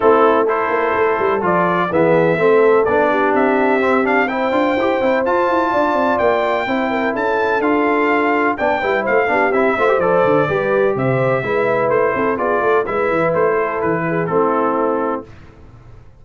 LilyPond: <<
  \new Staff \with { instrumentName = "trumpet" } { \time 4/4 \tempo 4 = 126 a'4 c''2 d''4 | e''2 d''4 e''4~ | e''8 f''8 g''2 a''4~ | a''4 g''2 a''4 |
f''2 g''4 f''4 | e''4 d''2 e''4~ | e''4 c''4 d''4 e''4 | c''4 b'4 a'2 | }
  \new Staff \with { instrumentName = "horn" } { \time 4/4 e'4 a'2. | gis'4 a'4. g'4.~ | g'4 c''2. | d''2 c''8 ais'8 a'4~ |
a'2 d''8 b'8 c''8 g'8~ | g'8 c''4. b'4 c''4 | b'4. a'8 gis'8 a'8 b'4~ | b'8 a'4 gis'8 e'2 | }
  \new Staff \with { instrumentName = "trombone" } { \time 4/4 c'4 e'2 f'4 | b4 c'4 d'2 | c'8 d'8 e'8 f'8 g'8 e'8 f'4~ | f'2 e'2 |
f'2 d'8 e'4 d'8 | e'8 f'16 g'16 a'4 g'2 | e'2 f'4 e'4~ | e'2 c'2 | }
  \new Staff \with { instrumentName = "tuba" } { \time 4/4 a4. ais8 a8 g8 f4 | e4 a4 b4 c'4~ | c'4. d'8 e'8 c'8 f'8 e'8 | d'8 c'8 ais4 c'4 cis'4 |
d'2 b8 g8 a8 b8 | c'8 a8 f8 d8 g4 c4 | gis4 a8 c'8 b8 a8 gis8 e8 | a4 e4 a2 | }
>>